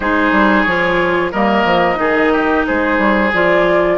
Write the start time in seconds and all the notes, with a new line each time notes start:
0.00 G#3 D#4 G#4 C5
0.31 G3
0.62 F3 F4 C#5
1.31 G3 A#3 A#4 D#5
1.64 F3
1.95 D#3 D#4 G#4
2.32 G4
2.66 G#3 G#4 C5
2.97 G3
3.33 F3 F4 D5